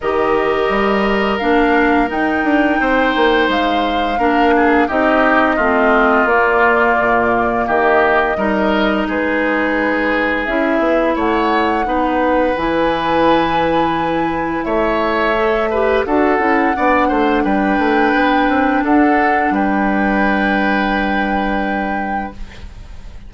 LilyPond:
<<
  \new Staff \with { instrumentName = "flute" } { \time 4/4 \tempo 4 = 86 dis''2 f''4 g''4~ | g''4 f''2 dis''4~ | dis''4 d''2 dis''4~ | dis''4 b'2 e''4 |
fis''2 gis''2~ | gis''4 e''2 fis''4~ | fis''4 g''2 fis''4 | g''1 | }
  \new Staff \with { instrumentName = "oboe" } { \time 4/4 ais'1 | c''2 ais'8 gis'8 g'4 | f'2. g'4 | ais'4 gis'2. |
cis''4 b'2.~ | b'4 cis''4. b'8 a'4 | d''8 c''8 b'2 a'4 | b'1 | }
  \new Staff \with { instrumentName = "clarinet" } { \time 4/4 g'2 d'4 dis'4~ | dis'2 d'4 dis'4 | c'4 ais2. | dis'2. e'4~ |
e'4 dis'4 e'2~ | e'2 a'8 g'8 fis'8 e'8 | d'1~ | d'1 | }
  \new Staff \with { instrumentName = "bassoon" } { \time 4/4 dis4 g4 ais4 dis'8 d'8 | c'8 ais8 gis4 ais4 c'4 | a4 ais4 ais,4 dis4 | g4 gis2 cis'8 b8 |
a4 b4 e2~ | e4 a2 d'8 cis'8 | b8 a8 g8 a8 b8 c'8 d'4 | g1 | }
>>